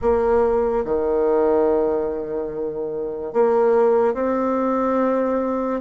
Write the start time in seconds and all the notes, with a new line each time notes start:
0.01 A#3
0.84 D#3
3.33 A#3
4.14 C4